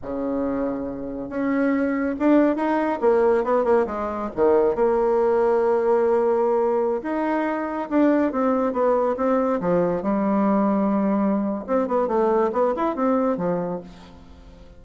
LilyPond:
\new Staff \with { instrumentName = "bassoon" } { \time 4/4 \tempo 4 = 139 cis2. cis'4~ | cis'4 d'4 dis'4 ais4 | b8 ais8 gis4 dis4 ais4~ | ais1~ |
ais16 dis'2 d'4 c'8.~ | c'16 b4 c'4 f4 g8.~ | g2. c'8 b8 | a4 b8 e'8 c'4 f4 | }